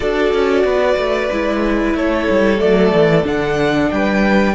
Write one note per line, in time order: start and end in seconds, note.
0.00 0.33 D4
0.00 1.29 F#4
0.00 0.63 A4
0.00 1.94 D5
0.33 0.64 C#4
0.64 0.96 B3
0.64 1.96 B4
0.96 1.29 A3
1.32 1.94 G#3
1.32 2.59 E4
1.94 2.27 A3
1.94 3.91 A4
1.94 2.60 C#5
2.30 2.61 G3
2.59 2.92 F#3
2.59 3.24 A3
2.59 3.25 D5
2.92 3.24 E3
3.24 3.90 D3
3.24 4.54 D4
3.24 3.91 F#5
3.91 4.54 G3
3.91 4.54 B4
3.91 4.54 G5